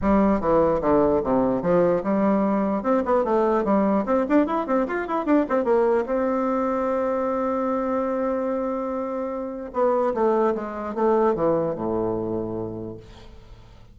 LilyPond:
\new Staff \with { instrumentName = "bassoon" } { \time 4/4 \tempo 4 = 148 g4 e4 d4 c4 | f4 g2 c'8 b8 | a4 g4 c'8 d'8 e'8 c'8 | f'8 e'8 d'8 c'8 ais4 c'4~ |
c'1~ | c'1 | b4 a4 gis4 a4 | e4 a,2. | }